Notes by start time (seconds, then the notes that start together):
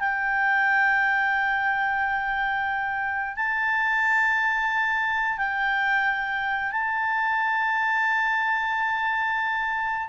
0.00 G5
3.36 A5
5.38 G5
6.72 A5